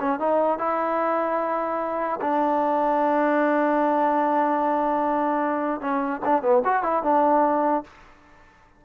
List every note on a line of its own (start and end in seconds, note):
0.00 0.20 C#4
0.20 0.59 D#4
0.59 2.20 E4
2.21 5.81 D4
5.81 6.21 C#4
6.25 6.42 D4
6.42 6.62 B3
6.65 6.83 F#4
6.83 7.03 E4
7.03 7.84 D4